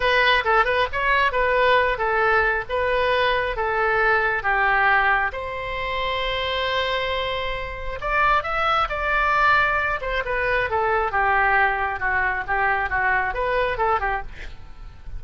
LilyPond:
\new Staff \with { instrumentName = "oboe" } { \time 4/4 \tempo 4 = 135 b'4 a'8 b'8 cis''4 b'4~ | b'8 a'4. b'2 | a'2 g'2 | c''1~ |
c''2 d''4 e''4 | d''2~ d''8 c''8 b'4 | a'4 g'2 fis'4 | g'4 fis'4 b'4 a'8 g'8 | }